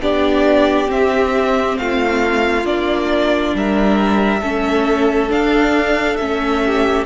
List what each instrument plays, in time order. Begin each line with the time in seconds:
0.00 cello B3, viola D4, violin G4 D5
0.87 viola C4, cello C4, violin E5
1.78 cello A3, violin F4 F5
2.65 cello A#3, viola D4, violin D5
3.54 cello G3, violin A#4 E5
4.40 cello A3, viola C#4, violin A4
5.29 viola D4, cello D4, violin F5
6.16 cello A3, viola C#4, violin E5
6.65 violin G4